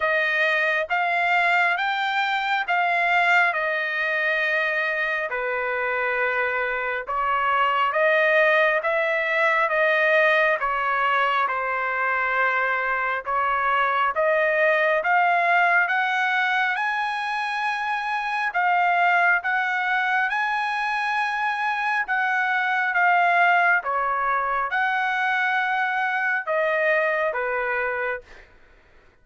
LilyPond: \new Staff \with { instrumentName = "trumpet" } { \time 4/4 \tempo 4 = 68 dis''4 f''4 g''4 f''4 | dis''2 b'2 | cis''4 dis''4 e''4 dis''4 | cis''4 c''2 cis''4 |
dis''4 f''4 fis''4 gis''4~ | gis''4 f''4 fis''4 gis''4~ | gis''4 fis''4 f''4 cis''4 | fis''2 dis''4 b'4 | }